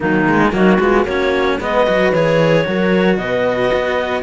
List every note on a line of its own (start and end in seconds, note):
0.00 0.52 D#3
0.00 0.27 F#3
0.00 0.52 A#3
0.00 0.53 D#4
0.27 0.51 G#3
0.51 0.79 F#3
0.51 0.78 A#3
0.51 0.80 D#4
0.51 1.06 F#4
0.79 1.04 G#3
0.79 1.06 B3
0.79 1.06 F4
1.04 1.58 A#3
1.04 1.60 C#4
1.04 1.58 F#4
1.04 1.59 C#5
1.58 1.87 G#3
1.58 1.87 B3
1.58 2.64 B4
1.58 2.12 D#5
1.87 2.12 F#3
1.87 2.13 F#4
2.12 2.65 E3
2.12 2.64 G#4
2.12 3.16 C#5
2.64 3.17 F#3
2.64 4.22 F#4
2.64 3.19 A#4
3.16 3.70 B2
3.16 4.22 B4
3.16 4.22 D#5
3.73 4.22 B3